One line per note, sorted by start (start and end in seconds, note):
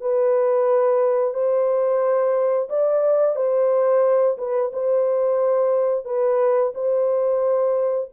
0.00 1.34 B4
1.34 2.68 C5
2.69 3.36 D5
3.36 4.37 C5
4.38 4.71 B4
4.73 6.05 C5
6.05 6.72 B4
6.74 8.09 C5